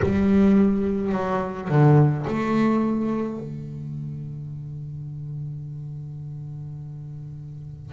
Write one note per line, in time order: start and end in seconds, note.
0.02 1.12 G3
1.12 1.68 F#3
1.69 2.25 D3
2.27 3.40 A3
3.40 7.92 D3